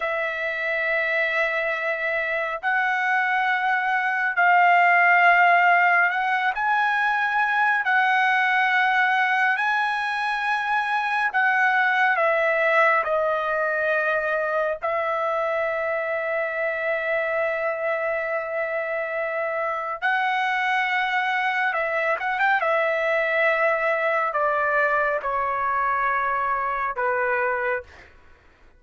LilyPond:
\new Staff \with { instrumentName = "trumpet" } { \time 4/4 \tempo 4 = 69 e''2. fis''4~ | fis''4 f''2 fis''8 gis''8~ | gis''4 fis''2 gis''4~ | gis''4 fis''4 e''4 dis''4~ |
dis''4 e''2.~ | e''2. fis''4~ | fis''4 e''8 fis''16 g''16 e''2 | d''4 cis''2 b'4 | }